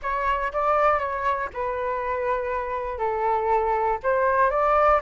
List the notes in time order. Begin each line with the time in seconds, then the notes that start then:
0.02 C#5
0.53 D5
0.99 C#5
1.53 B4
2.98 A4
4.02 C5
4.50 D5